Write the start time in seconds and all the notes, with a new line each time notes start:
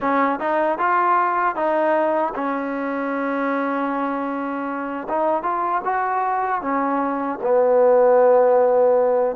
0.00 C#4
0.39 D#4
0.78 F4
1.55 D#4
2.34 C#4
5.09 D#4
5.42 F4
5.84 F#4
6.61 C#4
7.42 B3